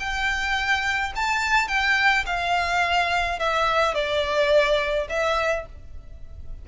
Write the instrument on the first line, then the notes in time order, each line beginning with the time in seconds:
violin
0.00 G5
1.16 A5
1.69 G5
2.26 F5
3.39 E5
3.95 D5
5.09 E5